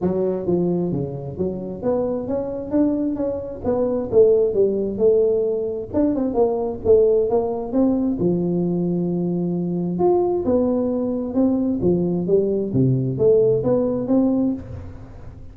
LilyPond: \new Staff \with { instrumentName = "tuba" } { \time 4/4 \tempo 4 = 132 fis4 f4 cis4 fis4 | b4 cis'4 d'4 cis'4 | b4 a4 g4 a4~ | a4 d'8 c'8 ais4 a4 |
ais4 c'4 f2~ | f2 f'4 b4~ | b4 c'4 f4 g4 | c4 a4 b4 c'4 | }